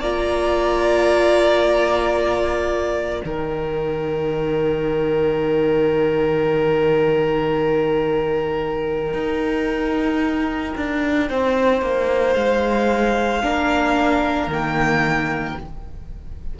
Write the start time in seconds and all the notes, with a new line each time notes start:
0.00 A#3 F4 D5 A#5
3.23 D#3 D#4 A#4 G5
9.13 D#4
10.76 D4
11.28 C4 C5
11.81 A#3
12.33 G#3 F5
13.42 A#3 D4 A#4
14.47 D#3 A#3 G5